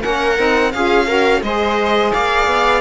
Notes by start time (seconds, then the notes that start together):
0.00 A#3 C#4 A#4 F#5
0.36 C4 D#4
0.72 C#4 F4 G#4 F5
1.06 F#4 A#4
1.42 G#3 G#4 C5 D#5
2.12 A#3 D5 F5
2.47 B3